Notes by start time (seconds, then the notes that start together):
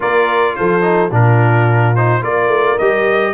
0.00 A#3 F4 A#4 D5
0.55 F3 A4 C5
0.81 D#4
1.11 A#2 D4 F4 A#4
1.95 D#4 C5
2.21 A#3 F4 A#4 D5
2.47 A3
2.78 G3 G4 D#5